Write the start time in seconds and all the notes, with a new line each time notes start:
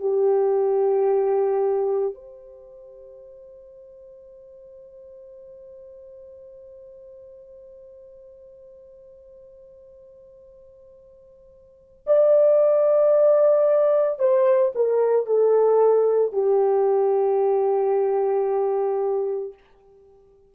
0.00 G4
2.14 C5
12.07 D5
14.19 C5
14.75 A#4
15.26 A4
16.33 G4